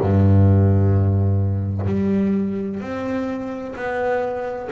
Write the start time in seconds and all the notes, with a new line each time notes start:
0.00 G2
1.86 G3
2.80 C4
3.75 B3